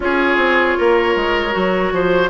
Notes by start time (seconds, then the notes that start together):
0.00 C#4 F4 G#4 C#5
0.37 C4
0.77 A#3 A#4
1.15 G#3
1.51 F#3 F#4
1.92 F3 C5